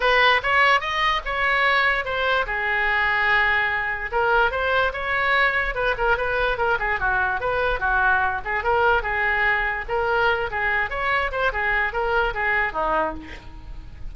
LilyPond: \new Staff \with { instrumentName = "oboe" } { \time 4/4 \tempo 4 = 146 b'4 cis''4 dis''4 cis''4~ | cis''4 c''4 gis'2~ | gis'2 ais'4 c''4 | cis''2 b'8 ais'8 b'4 |
ais'8 gis'8 fis'4 b'4 fis'4~ | fis'8 gis'8 ais'4 gis'2 | ais'4. gis'4 cis''4 c''8 | gis'4 ais'4 gis'4 dis'4 | }